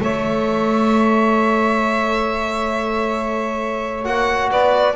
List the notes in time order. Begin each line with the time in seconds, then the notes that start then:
0.00 A3 A4 C#5 E5
4.04 A#3 F#4 F#5
4.51 B3 B4 D5